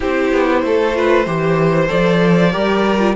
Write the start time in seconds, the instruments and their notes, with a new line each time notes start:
0.00 cello C4, viola E4, violin G4 C5
0.32 cello B3
0.63 cello A3, violin A4
0.94 viola F4, violin B4
1.26 cello E3, viola G4, violin C5
1.87 cello F3, viola A4, violin D5
2.51 cello G3, viola G4, violin A#4
2.99 viola F4